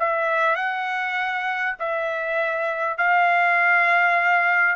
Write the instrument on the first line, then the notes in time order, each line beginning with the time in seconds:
trumpet
0.00 E5
0.56 F#5
1.79 E5
2.98 F5